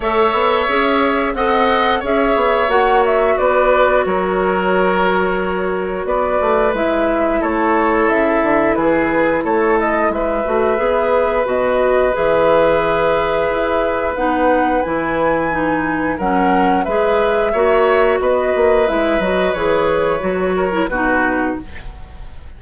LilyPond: <<
  \new Staff \with { instrumentName = "flute" } { \time 4/4 \tempo 4 = 89 e''2 fis''4 e''4 | fis''8 e''8 d''4 cis''2~ | cis''4 d''4 e''4 cis''4 | e''4 b'4 cis''8 dis''8 e''4~ |
e''4 dis''4 e''2~ | e''4 fis''4 gis''2 | fis''4 e''2 dis''4 | e''8 dis''8 cis''2 b'4 | }
  \new Staff \with { instrumentName = "oboe" } { \time 4/4 cis''2 dis''4 cis''4~ | cis''4 b'4 ais'2~ | ais'4 b'2 a'4~ | a'4 gis'4 a'4 b'4~ |
b'1~ | b'1 | ais'4 b'4 cis''4 b'4~ | b'2~ b'8 ais'8 fis'4 | }
  \new Staff \with { instrumentName = "clarinet" } { \time 4/4 a'4 gis'4 a'4 gis'4 | fis'1~ | fis'2 e'2~ | e'2.~ e'8 fis'8 |
gis'4 fis'4 gis'2~ | gis'4 dis'4 e'4 dis'4 | cis'4 gis'4 fis'2 | e'8 fis'8 gis'4 fis'8. e'16 dis'4 | }
  \new Staff \with { instrumentName = "bassoon" } { \time 4/4 a8 b8 cis'4 c'4 cis'8 b8 | ais4 b4 fis2~ | fis4 b8 a8 gis4 a4 | cis8 d8 e4 a4 gis8 a8 |
b4 b,4 e2 | e'4 b4 e2 | fis4 gis4 ais4 b8 ais8 | gis8 fis8 e4 fis4 b,4 | }
>>